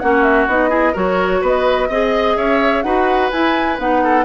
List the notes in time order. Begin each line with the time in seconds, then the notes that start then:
0.00 A#3 C#4 F#4 F#5
0.23 E5
0.48 B3 D#4 D#5
0.69 E4 G#4
0.93 F#3 F#4 A#4 C#5
1.42 B3 B4 D#5
1.89 C4 G#4 D#5
2.37 C#4 C#5 E5
2.83 D#4 F#4 B4 F#5
3.31 E4 G#5
3.79 B3 D#4 F#5
4.04 A4